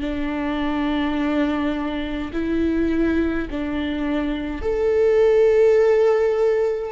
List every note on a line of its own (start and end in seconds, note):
0.00 2.31 D4
2.32 3.48 E4
3.50 4.61 D4
4.61 6.92 A4